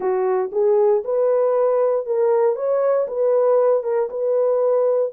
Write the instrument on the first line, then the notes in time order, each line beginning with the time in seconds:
horn
0.00 F#4
0.52 G#4
1.04 B4
2.05 A#4
2.55 C#5
3.07 B4
3.83 A#4
4.10 B4